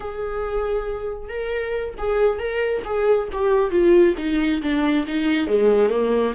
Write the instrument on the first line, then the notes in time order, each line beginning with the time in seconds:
viola
0.00 G#4
1.28 A#4
1.98 G#4
2.38 A#4
2.84 G#4
3.32 G4
3.70 F4
4.17 D#4
4.61 D4
5.07 D#4
5.47 G#3
5.89 A#3